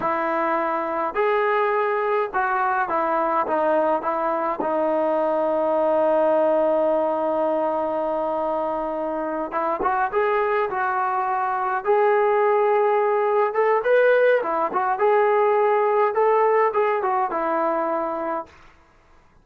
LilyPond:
\new Staff \with { instrumentName = "trombone" } { \time 4/4 \tempo 4 = 104 e'2 gis'2 | fis'4 e'4 dis'4 e'4 | dis'1~ | dis'1~ |
dis'8 e'8 fis'8 gis'4 fis'4.~ | fis'8 gis'2. a'8 | b'4 e'8 fis'8 gis'2 | a'4 gis'8 fis'8 e'2 | }